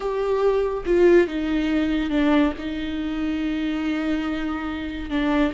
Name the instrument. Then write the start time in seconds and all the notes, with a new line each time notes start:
viola
0.00 G4
0.85 F4
1.27 D#4
2.10 D4
2.58 D#4
5.09 D4